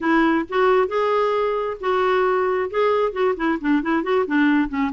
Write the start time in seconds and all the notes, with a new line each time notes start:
0.00 E4
0.49 F#4
0.87 G#4
1.80 F#4
2.70 G#4
3.12 F#4
3.36 E4
3.60 D4
3.82 E4
4.03 F#4
4.27 D4
4.68 C#4